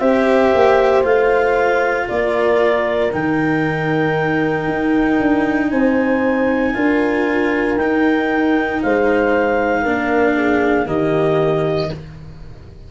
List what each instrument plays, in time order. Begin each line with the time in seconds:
0.00 tuba C4, cello G4, horn C5, clarinet E5
0.55 tuba A#3
1.04 tuba A3, cello F4, clarinet F5
2.08 tuba A#3, horn A#4, clarinet D5
3.13 tuba D#3, cello D#4, clarinet G5
4.68 tuba D#4
5.20 tuba D4
5.71 tuba C4, horn C5, clarinet G#5
6.75 tuba D4, cello F4, horn A#4
7.77 tuba D#4, cello D#4, clarinet G5
8.82 tuba G#3, horn C5, clarinet F5
9.82 tuba A#3, cello D4, horn A#4
10.36 horn G#4
10.86 tuba D#3, cello A#3, horn G4, clarinet D#5